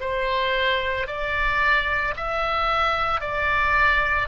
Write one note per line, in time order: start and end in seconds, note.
0.00 1.07 C5
1.07 2.14 D5
2.16 3.20 E5
3.20 4.28 D5